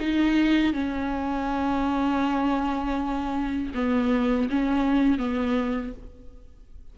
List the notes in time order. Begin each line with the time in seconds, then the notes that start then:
0.00 D#4
0.73 C#4
3.74 B3
4.50 C#4
5.19 B3